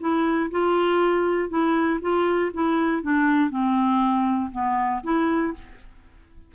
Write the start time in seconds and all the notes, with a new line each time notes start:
0.00 E4
0.51 F4
1.49 E4
2.01 F4
2.53 E4
3.02 D4
3.50 C4
4.51 B3
5.03 E4